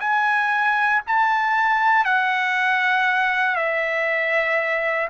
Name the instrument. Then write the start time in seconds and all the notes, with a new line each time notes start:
trumpet
0.00 G#5
1.07 A5
2.05 F#5
3.56 E5